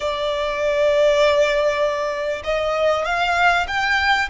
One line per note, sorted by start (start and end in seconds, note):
0.00 2.42 D5
2.44 3.05 D#5
3.05 3.66 F5
3.67 4.29 G5